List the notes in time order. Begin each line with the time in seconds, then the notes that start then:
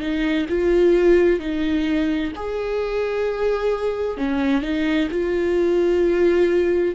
0.00 D#4
0.49 F4
1.40 D#4
2.35 G#4
4.17 C#4
4.62 D#4
5.11 F4